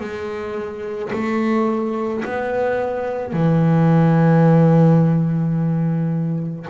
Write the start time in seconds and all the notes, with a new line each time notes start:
0.00 G#3
1.13 A3
2.25 B3
3.33 E3